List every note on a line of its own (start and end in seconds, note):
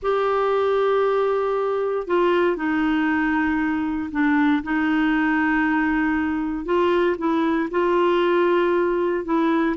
0.02 2.07 G4
2.07 2.56 F4
2.56 4.10 D#4
4.11 4.62 D4
4.63 6.65 D#4
6.65 7.16 F4
7.17 7.69 E4
7.70 9.24 F4
9.24 9.76 E4